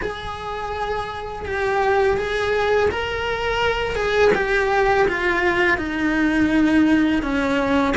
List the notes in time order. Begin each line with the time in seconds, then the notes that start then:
0.01 G#4
1.45 G4
2.17 G#4
2.90 A#4
3.95 G#4
4.34 G4
5.08 F4
5.77 D#4
7.22 C#4